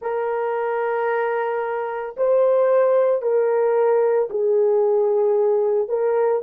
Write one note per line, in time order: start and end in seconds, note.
0.01 2.15 A#4
2.17 3.21 C5
3.21 4.29 A#4
4.30 5.88 G#4
5.88 6.42 A#4